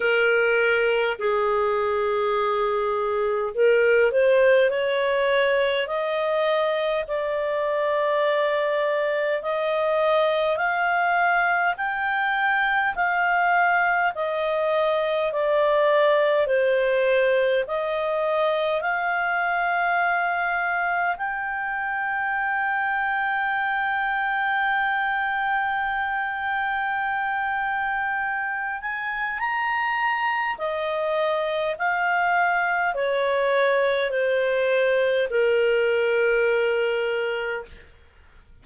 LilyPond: \new Staff \with { instrumentName = "clarinet" } { \time 4/4 \tempo 4 = 51 ais'4 gis'2 ais'8 c''8 | cis''4 dis''4 d''2 | dis''4 f''4 g''4 f''4 | dis''4 d''4 c''4 dis''4 |
f''2 g''2~ | g''1~ | g''8 gis''8 ais''4 dis''4 f''4 | cis''4 c''4 ais'2 | }